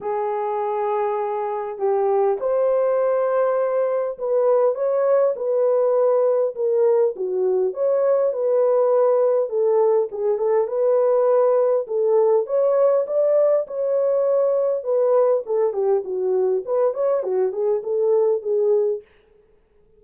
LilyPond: \new Staff \with { instrumentName = "horn" } { \time 4/4 \tempo 4 = 101 gis'2. g'4 | c''2. b'4 | cis''4 b'2 ais'4 | fis'4 cis''4 b'2 |
a'4 gis'8 a'8 b'2 | a'4 cis''4 d''4 cis''4~ | cis''4 b'4 a'8 g'8 fis'4 | b'8 cis''8 fis'8 gis'8 a'4 gis'4 | }